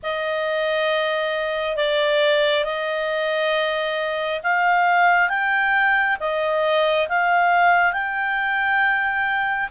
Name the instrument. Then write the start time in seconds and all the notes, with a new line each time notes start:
clarinet
0.02 D#5
1.76 D5
2.64 D#5
4.43 F5
5.29 G5
6.20 D#5
7.08 F5
7.93 G5